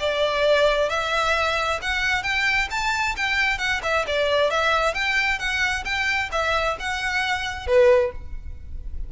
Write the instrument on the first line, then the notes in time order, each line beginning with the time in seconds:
violin
0.00 D5
0.90 E5
1.82 F#5
2.24 G5
2.71 A5
3.17 G5
3.59 F#5
3.83 E5
4.07 D5
4.51 E5
4.95 G5
5.40 F#5
5.85 G5
6.32 E5
6.80 F#5
7.67 B4